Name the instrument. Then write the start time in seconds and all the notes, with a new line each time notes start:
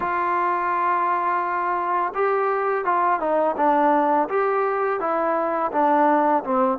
trombone
0.00 F4
2.14 G4
2.84 F4
3.19 D#4
3.56 D4
4.29 G4
4.99 E4
5.71 D4
6.44 C4